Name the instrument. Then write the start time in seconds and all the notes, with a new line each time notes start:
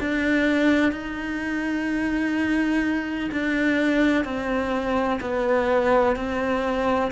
cello
0.00 D4
0.92 D#4
3.32 D4
4.25 C4
5.21 B3
6.16 C4